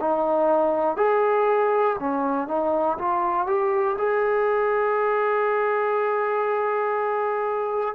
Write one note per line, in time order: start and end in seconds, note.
0.00 0.97 D#4
0.97 1.97 G#4
2.00 2.48 C#4
2.48 2.98 D#4
2.98 3.47 F4
3.47 3.97 G4
3.98 7.95 G#4